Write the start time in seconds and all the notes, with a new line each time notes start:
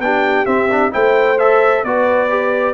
0.00 B3 D4 G4 G5
0.46 C4 E5
0.72 D4
0.92 A3 E4 C5 G5
1.39 A4 E5
1.84 B3 F#4 B4 D5
2.30 G4